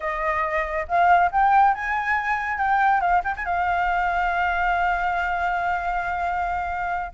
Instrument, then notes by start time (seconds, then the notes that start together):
flute
0.00 D#5
0.88 F5
1.31 G5
1.74 G#5
2.58 G5
3.00 F5
3.24 G5
3.36 G#5
3.45 F5